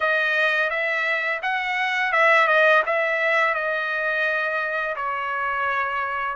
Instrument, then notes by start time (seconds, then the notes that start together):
trumpet
0.00 D#5
0.69 E5
1.42 F#5
2.12 E5
2.47 D#5
2.86 E5
3.54 D#5
4.96 C#5